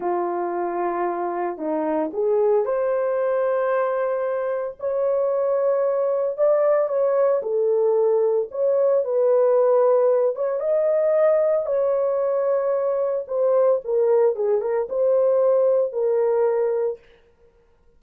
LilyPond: \new Staff \with { instrumentName = "horn" } { \time 4/4 \tempo 4 = 113 f'2. dis'4 | gis'4 c''2.~ | c''4 cis''2. | d''4 cis''4 a'2 |
cis''4 b'2~ b'8 cis''8 | dis''2 cis''2~ | cis''4 c''4 ais'4 gis'8 ais'8 | c''2 ais'2 | }